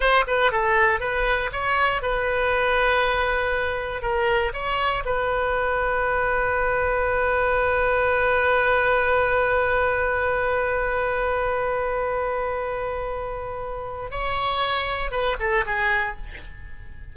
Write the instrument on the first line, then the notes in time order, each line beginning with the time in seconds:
oboe
0.00 C5
0.27 B4
0.51 A4
0.99 B4
1.52 C#5
2.02 B4
4.02 A#4
4.53 C#5
5.05 B4
14.10 C#5
15.11 B4
15.39 A4
15.66 G#4